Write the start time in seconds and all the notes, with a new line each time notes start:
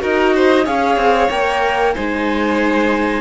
0.00 D#4 F#4 A#4 D#5
0.35 C5
0.65 C#4 G#4 C#5 F5
0.97 C4
1.31 A#3 A#4 G5
1.94 G#3 D#4 C5 G#5